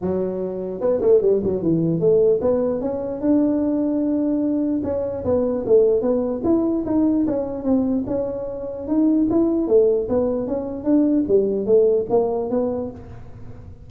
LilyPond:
\new Staff \with { instrumentName = "tuba" } { \time 4/4 \tempo 4 = 149 fis2 b8 a8 g8 fis8 | e4 a4 b4 cis'4 | d'1 | cis'4 b4 a4 b4 |
e'4 dis'4 cis'4 c'4 | cis'2 dis'4 e'4 | a4 b4 cis'4 d'4 | g4 a4 ais4 b4 | }